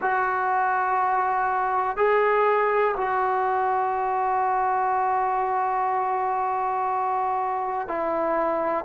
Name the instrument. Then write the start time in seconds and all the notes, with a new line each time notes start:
trombone
0.01 F#4
1.97 G#4
2.96 F#4
7.87 E4